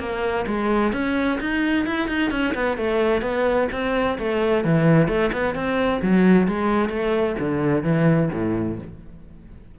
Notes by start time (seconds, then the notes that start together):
0.00 A#3
0.47 G#3
0.93 C#4
1.41 D#4
1.87 E4
2.09 D#4
2.31 C#4
2.55 B3
2.78 A3
3.22 B3
3.72 C4
4.19 A3
4.65 E3
5.08 A3
5.33 B3
5.55 C4
6.02 F#3
6.48 G#3
6.90 A3
7.40 D3
7.84 E3
8.33 A2